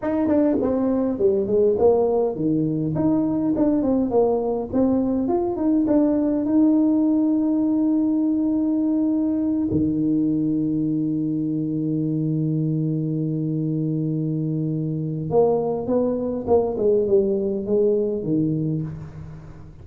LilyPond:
\new Staff \with { instrumentName = "tuba" } { \time 4/4 \tempo 4 = 102 dis'8 d'8 c'4 g8 gis8 ais4 | dis4 dis'4 d'8 c'8 ais4 | c'4 f'8 dis'8 d'4 dis'4~ | dis'1~ |
dis'8 dis2.~ dis8~ | dis1~ | dis2 ais4 b4 | ais8 gis8 g4 gis4 dis4 | }